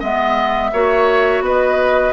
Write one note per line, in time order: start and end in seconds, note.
0.00 0.73 G#3
0.00 0.73 B3
0.00 0.71 D#5
0.00 1.44 E5
0.73 1.41 A#3
0.73 2.13 F#4
0.73 1.44 C#5
1.41 2.11 B3
1.41 2.13 B4
1.41 2.13 D#5